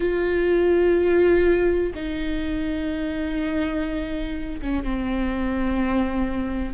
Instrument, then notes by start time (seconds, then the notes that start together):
viola
0.00 F4
1.94 D#4
4.61 C#4
4.83 C4